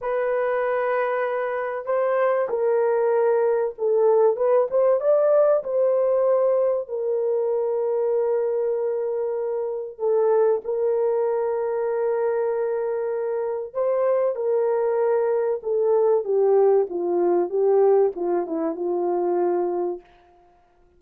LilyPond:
\new Staff \with { instrumentName = "horn" } { \time 4/4 \tempo 4 = 96 b'2. c''4 | ais'2 a'4 b'8 c''8 | d''4 c''2 ais'4~ | ais'1 |
a'4 ais'2.~ | ais'2 c''4 ais'4~ | ais'4 a'4 g'4 f'4 | g'4 f'8 e'8 f'2 | }